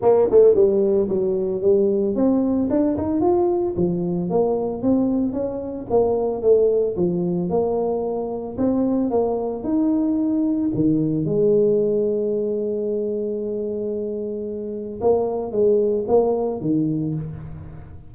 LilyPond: \new Staff \with { instrumentName = "tuba" } { \time 4/4 \tempo 4 = 112 ais8 a8 g4 fis4 g4 | c'4 d'8 dis'8 f'4 f4 | ais4 c'4 cis'4 ais4 | a4 f4 ais2 |
c'4 ais4 dis'2 | dis4 gis2.~ | gis1 | ais4 gis4 ais4 dis4 | }